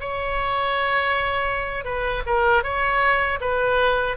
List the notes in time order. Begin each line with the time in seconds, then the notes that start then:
0.00 C#5
1.85 B4
2.26 A#4
2.63 C#5
3.40 B4